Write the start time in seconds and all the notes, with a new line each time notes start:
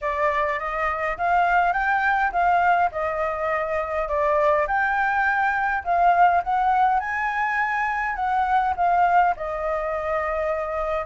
0.01 D5
0.59 D#5
1.17 F5
1.72 G5
2.31 F5
2.91 D#5
4.08 D5
4.67 G5
5.84 F5
6.43 F#5
6.99 G#5
8.15 F#5
8.76 F5
9.36 D#5